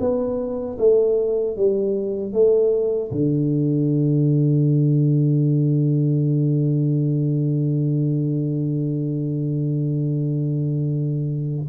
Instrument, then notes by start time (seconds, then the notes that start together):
tuba
0.00 B3
0.79 A3
1.57 G3
2.33 A3
3.12 D3